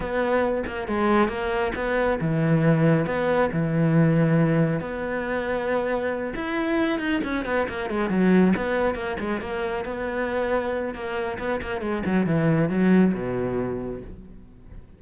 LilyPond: \new Staff \with { instrumentName = "cello" } { \time 4/4 \tempo 4 = 137 b4. ais8 gis4 ais4 | b4 e2 b4 | e2. b4~ | b2~ b8 e'4. |
dis'8 cis'8 b8 ais8 gis8 fis4 b8~ | b8 ais8 gis8 ais4 b4.~ | b4 ais4 b8 ais8 gis8 fis8 | e4 fis4 b,2 | }